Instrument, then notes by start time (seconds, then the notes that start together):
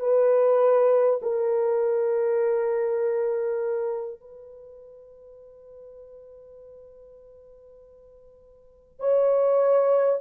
horn
0.00 B4
1.22 A#4
4.20 B4
9.00 C#5